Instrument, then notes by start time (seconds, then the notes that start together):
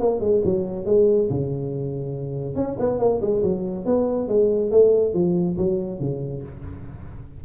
tuba
0.00 A#3
0.20 G#3
0.44 F#3
0.86 G#3
1.30 C#3
2.56 C#4
2.79 B3
2.99 A#3
3.21 G#3
3.43 F#3
3.85 B3
4.28 G#3
4.71 A3
5.14 F3
5.58 F#3
6.00 C#3